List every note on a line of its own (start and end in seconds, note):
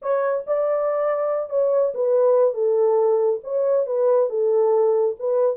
0.02 0.44 C#5
0.46 1.49 D5
1.49 1.92 C#5
1.94 2.54 B4
2.54 3.39 A4
3.43 3.86 C#5
3.86 4.29 B4
4.29 5.15 A4
5.19 5.56 B4